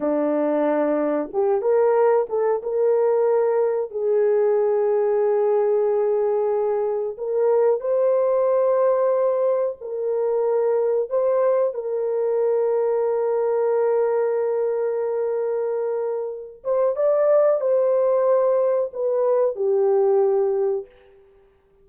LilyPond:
\new Staff \with { instrumentName = "horn" } { \time 4/4 \tempo 4 = 92 d'2 g'8 ais'4 a'8 | ais'2 gis'2~ | gis'2. ais'4 | c''2. ais'4~ |
ais'4 c''4 ais'2~ | ais'1~ | ais'4. c''8 d''4 c''4~ | c''4 b'4 g'2 | }